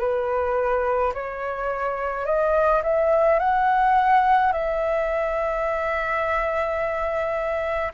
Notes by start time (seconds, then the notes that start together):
0.00 B4
1.14 C#5
2.26 D#5
2.84 E5
3.40 F#5
4.53 E5